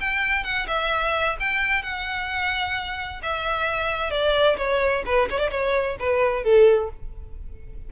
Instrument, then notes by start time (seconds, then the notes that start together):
violin
0.00 G5
0.43 F#5
0.67 E5
1.39 G5
1.82 F#5
3.22 E5
4.10 D5
4.57 C#5
5.05 B4
5.30 C#5
5.38 D5
5.50 C#5
5.99 B4
6.43 A4